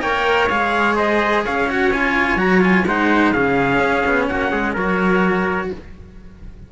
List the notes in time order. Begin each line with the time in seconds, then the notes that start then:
0.00 A#3 A#4 C#5 G5
0.49 G#3 G#4 F5
0.96 C5 D#5
1.44 C#4 C#5 F5
1.67 F#4 F#5
1.93 F4 G#5
2.36 F#3 F#4 A#5
2.61 F4 G#5
2.86 G#3 D#4 C5 F#5
3.32 C#3 C#4 G#4 F5
3.79 C#4
4.06 B3
4.28 A#3 F#4 F#5
4.51 G#3 G#4
4.74 F#3 F#4 A#4 C#5